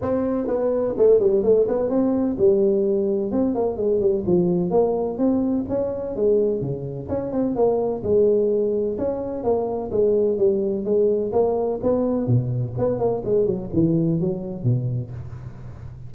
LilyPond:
\new Staff \with { instrumentName = "tuba" } { \time 4/4 \tempo 4 = 127 c'4 b4 a8 g8 a8 b8 | c'4 g2 c'8 ais8 | gis8 g8 f4 ais4 c'4 | cis'4 gis4 cis4 cis'8 c'8 |
ais4 gis2 cis'4 | ais4 gis4 g4 gis4 | ais4 b4 b,4 b8 ais8 | gis8 fis8 e4 fis4 b,4 | }